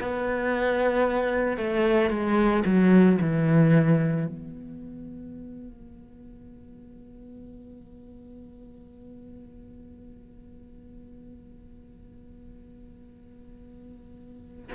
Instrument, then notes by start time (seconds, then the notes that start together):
cello
0.00 B3
1.57 A3
2.10 G#3
2.64 F#3
3.21 E3
4.27 B3